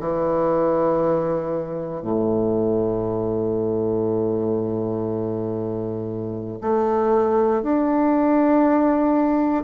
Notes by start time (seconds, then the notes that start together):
0.00 E3
2.02 A2
6.61 A3
7.63 D4